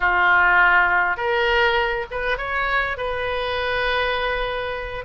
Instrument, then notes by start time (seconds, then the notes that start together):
oboe
0.00 F4
1.16 A#4
2.10 B4
2.37 C#5
2.97 B4